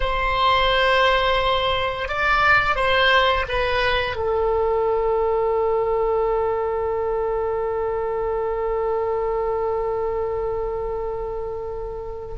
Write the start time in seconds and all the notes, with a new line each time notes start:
0.00 C5
2.08 D5
2.75 C5
3.48 B4
4.15 A4